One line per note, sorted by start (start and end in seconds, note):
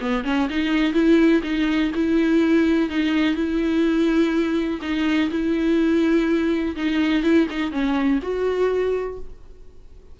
0.00 0.24 B3
0.24 0.48 C#4
0.49 0.93 D#4
0.93 1.41 E4
1.43 1.91 D#4
1.94 2.89 E4
2.89 3.35 D#4
3.35 4.80 E4
4.81 5.30 D#4
5.30 6.75 E4
6.76 7.23 D#4
7.23 7.47 E4
7.50 7.71 D#4
7.71 8.19 C#4
8.22 9.19 F#4